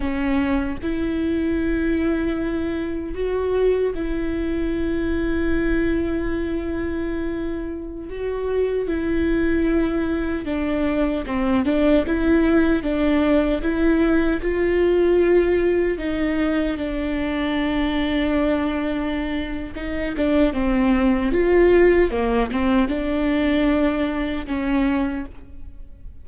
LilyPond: \new Staff \with { instrumentName = "viola" } { \time 4/4 \tempo 4 = 76 cis'4 e'2. | fis'4 e'2.~ | e'2~ e'16 fis'4 e'8.~ | e'4~ e'16 d'4 c'8 d'8 e'8.~ |
e'16 d'4 e'4 f'4.~ f'16~ | f'16 dis'4 d'2~ d'8.~ | d'4 dis'8 d'8 c'4 f'4 | ais8 c'8 d'2 cis'4 | }